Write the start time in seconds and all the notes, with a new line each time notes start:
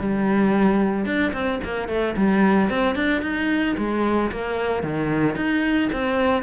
0.00 G3
1.05 D4
1.33 C4
1.64 A#3
1.88 A3
2.17 G3
2.70 C4
2.96 D4
3.22 D#4
3.77 G#3
4.31 A#3
4.83 D#3
5.36 D#4
5.93 C4